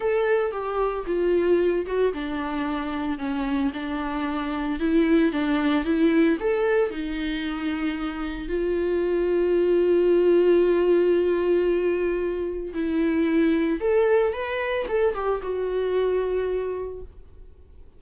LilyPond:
\new Staff \with { instrumentName = "viola" } { \time 4/4 \tempo 4 = 113 a'4 g'4 f'4. fis'8 | d'2 cis'4 d'4~ | d'4 e'4 d'4 e'4 | a'4 dis'2. |
f'1~ | f'1 | e'2 a'4 b'4 | a'8 g'8 fis'2. | }